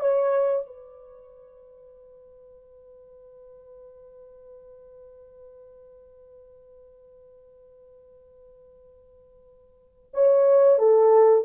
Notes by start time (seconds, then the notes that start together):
0.00 C#5
0.66 B4
10.13 C#5
10.79 A4